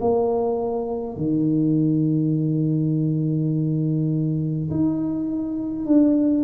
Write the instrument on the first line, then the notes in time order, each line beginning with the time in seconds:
tuba
0.00 A#3
1.17 D#3
4.70 D#4
5.86 D4